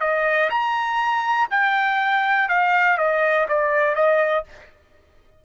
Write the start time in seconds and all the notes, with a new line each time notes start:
0.00 D#5
0.50 A#5
1.50 G5
2.48 F5
2.97 D#5
3.48 D5
3.95 D#5